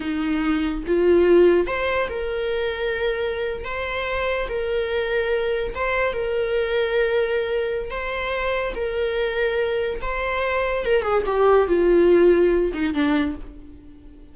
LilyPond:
\new Staff \with { instrumentName = "viola" } { \time 4/4 \tempo 4 = 144 dis'2 f'2 | c''4 ais'2.~ | ais'8. c''2 ais'4~ ais'16~ | ais'4.~ ais'16 c''4 ais'4~ ais'16~ |
ais'2. c''4~ | c''4 ais'2. | c''2 ais'8 gis'8 g'4 | f'2~ f'8 dis'8 d'4 | }